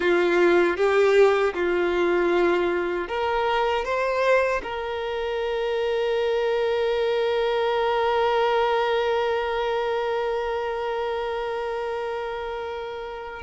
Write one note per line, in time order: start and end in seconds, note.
0.00 0.77 F4
0.77 1.53 G4
1.54 3.08 F4
3.08 3.85 A#4
3.85 4.62 C5
4.63 13.42 A#4